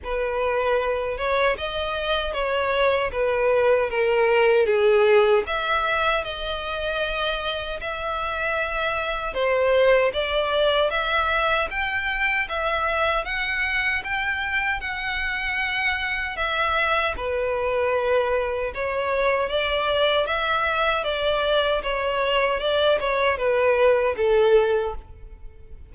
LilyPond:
\new Staff \with { instrumentName = "violin" } { \time 4/4 \tempo 4 = 77 b'4. cis''8 dis''4 cis''4 | b'4 ais'4 gis'4 e''4 | dis''2 e''2 | c''4 d''4 e''4 g''4 |
e''4 fis''4 g''4 fis''4~ | fis''4 e''4 b'2 | cis''4 d''4 e''4 d''4 | cis''4 d''8 cis''8 b'4 a'4 | }